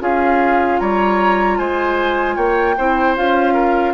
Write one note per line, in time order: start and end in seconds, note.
0.00 0.80 C#4
0.00 2.76 F4
0.00 0.81 G#4
0.00 0.80 F5
0.80 1.59 G3
0.80 1.58 C#5
0.80 1.58 A#5
1.58 2.37 G#3
1.58 2.36 C5
1.58 2.36 G#5
2.36 2.77 A#3
2.36 2.75 C#5
2.36 3.15 G5
2.77 3.17 C4
2.77 3.17 E4
2.77 3.54 C5
3.17 3.94 C#4
3.17 3.94 F4
3.17 3.94 F5
3.54 3.93 A#4